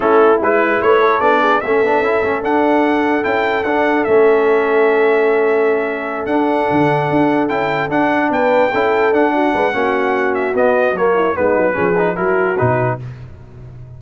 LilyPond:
<<
  \new Staff \with { instrumentName = "trumpet" } { \time 4/4 \tempo 4 = 148 a'4 b'4 cis''4 d''4 | e''2 fis''2 | g''4 fis''4 e''2~ | e''2.~ e''8 fis''8~ |
fis''2~ fis''8 g''4 fis''8~ | fis''8 g''2 fis''4.~ | fis''4. e''8 dis''4 cis''4 | b'2 ais'4 b'4 | }
  \new Staff \with { instrumentName = "horn" } { \time 4/4 e'2 b'8 a'4 gis'8 | a'1~ | a'1~ | a'1~ |
a'1~ | a'8 b'4 a'4. fis'8 b'8 | fis'2.~ fis'8 e'8 | dis'4 gis'4 fis'2 | }
  \new Staff \with { instrumentName = "trombone" } { \time 4/4 cis'4 e'2 d'4 | cis'8 d'8 e'8 cis'8 d'2 | e'4 d'4 cis'2~ | cis'2.~ cis'8 d'8~ |
d'2~ d'8 e'4 d'8~ | d'4. e'4 d'4. | cis'2 b4 ais4 | b4 cis'8 dis'8 e'4 dis'4 | }
  \new Staff \with { instrumentName = "tuba" } { \time 4/4 a4 gis4 a4 b4 | a8 b8 cis'8 a8 d'2 | cis'4 d'4 a2~ | a2.~ a8 d'8~ |
d'8 d4 d'4 cis'4 d'8~ | d'8 b4 cis'4 d'4 gis8 | ais2 b4 fis4 | gis8 fis8 f4 fis4 b,4 | }
>>